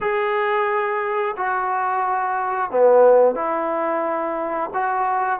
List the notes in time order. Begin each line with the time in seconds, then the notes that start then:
0.00 G#4
1.36 F#4
2.71 B3
3.35 E4
4.73 F#4